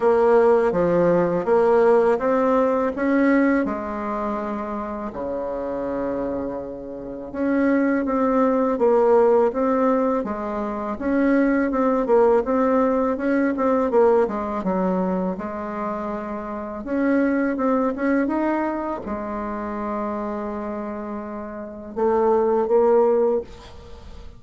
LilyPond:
\new Staff \with { instrumentName = "bassoon" } { \time 4/4 \tempo 4 = 82 ais4 f4 ais4 c'4 | cis'4 gis2 cis4~ | cis2 cis'4 c'4 | ais4 c'4 gis4 cis'4 |
c'8 ais8 c'4 cis'8 c'8 ais8 gis8 | fis4 gis2 cis'4 | c'8 cis'8 dis'4 gis2~ | gis2 a4 ais4 | }